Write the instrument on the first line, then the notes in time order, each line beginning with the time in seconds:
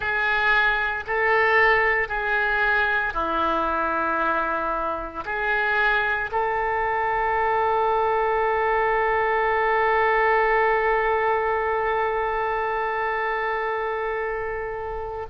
oboe
0.00 G#4
1.06 A4
2.08 G#4
3.13 E4
5.25 G#4
6.31 A4